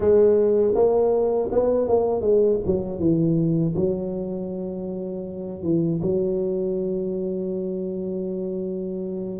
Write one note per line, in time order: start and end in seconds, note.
0.00 0.74 G#3
0.74 1.49 A#3
1.51 1.88 B3
1.88 2.21 A#3
2.21 2.58 G#3
2.66 2.99 F#3
2.99 3.74 E3
3.75 5.62 F#3
5.62 6.00 E3
6.02 9.39 F#3